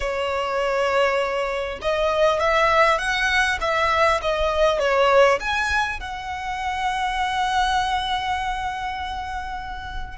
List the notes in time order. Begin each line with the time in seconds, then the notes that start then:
0.00 C#5
1.81 D#5
2.39 E5
2.98 F#5
3.60 E5
4.21 D#5
4.79 C#5
5.39 G#5
5.99 F#5